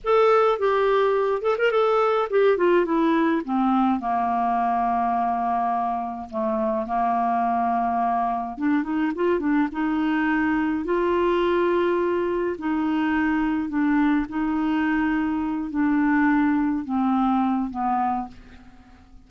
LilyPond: \new Staff \with { instrumentName = "clarinet" } { \time 4/4 \tempo 4 = 105 a'4 g'4. a'16 ais'16 a'4 | g'8 f'8 e'4 c'4 ais4~ | ais2. a4 | ais2. d'8 dis'8 |
f'8 d'8 dis'2 f'4~ | f'2 dis'2 | d'4 dis'2~ dis'8 d'8~ | d'4. c'4. b4 | }